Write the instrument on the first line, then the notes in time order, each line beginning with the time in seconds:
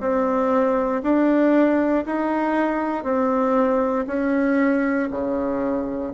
bassoon
0.00 C4
1.03 D4
2.06 D#4
3.04 C4
4.07 C#4
5.11 C#3